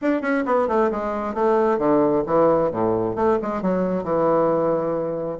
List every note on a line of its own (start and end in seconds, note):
0.01 0.21 D4
0.21 0.44 C#4
0.45 0.68 B3
0.68 0.90 A3
0.91 1.34 G#3
1.34 1.78 A3
1.78 2.23 D3
2.26 2.71 E3
2.71 3.15 A2
3.15 3.38 A3
3.41 3.62 G#3
3.62 4.03 F#3
4.03 5.39 E3